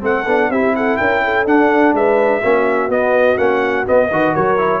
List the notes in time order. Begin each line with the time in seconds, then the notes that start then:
0.00 A3 C4 A4 F#5
0.25 B3 D4
0.49 C4 E4 G4 E5
0.75 A4 F#5
0.96 C#4 A#4 G5
1.24 A4
1.45 D4 F#5
1.92 G#3 B4 E5
2.40 A#3 C#4 F#4
2.89 B3 D#5
3.37 A#3 C#4 F#5
3.85 B3 D#5
4.10 D#3 F#4 B4
4.33 F#3 A#4 C#5
4.57 E4